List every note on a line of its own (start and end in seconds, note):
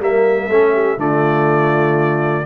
0.00 0.49 G3
0.00 0.50 A#3
0.00 0.48 A#4
0.00 1.00 E5
0.48 0.97 A3
0.48 0.98 C#4
0.48 0.72 A4
0.73 0.98 G4
0.97 2.44 D3
0.97 2.45 A3
0.97 2.45 F4
0.97 2.45 D5